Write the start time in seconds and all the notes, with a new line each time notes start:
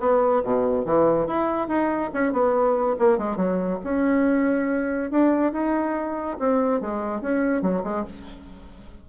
0.00 B3
0.44 B2
0.85 E3
1.27 E4
1.68 D#4
2.14 C#4
2.32 B3
2.99 A#3
3.18 G#3
3.36 F#3
3.84 C#4
5.11 D4
5.52 D#4
6.39 C4
6.81 G#3
7.21 C#4
7.62 F#3
7.84 G#3